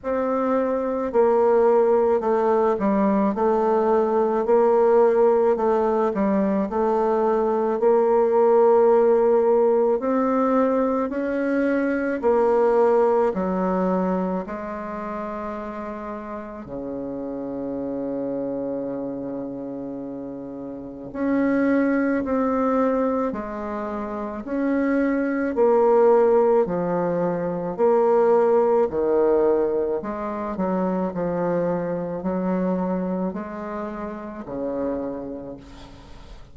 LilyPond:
\new Staff \with { instrumentName = "bassoon" } { \time 4/4 \tempo 4 = 54 c'4 ais4 a8 g8 a4 | ais4 a8 g8 a4 ais4~ | ais4 c'4 cis'4 ais4 | fis4 gis2 cis4~ |
cis2. cis'4 | c'4 gis4 cis'4 ais4 | f4 ais4 dis4 gis8 fis8 | f4 fis4 gis4 cis4 | }